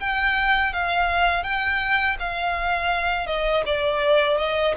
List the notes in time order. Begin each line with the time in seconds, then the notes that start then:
0.00 G5
0.73 F5
1.44 G5
2.20 F5
3.27 D#5
3.66 D5
4.38 D#5